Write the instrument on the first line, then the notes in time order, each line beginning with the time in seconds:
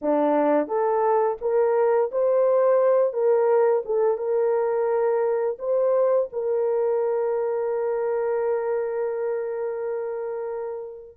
horn
0.01 D4
0.67 A4
1.41 A#4
2.11 C5
3.13 A#4
3.85 A4
4.17 A#4
5.58 C5
6.32 A#4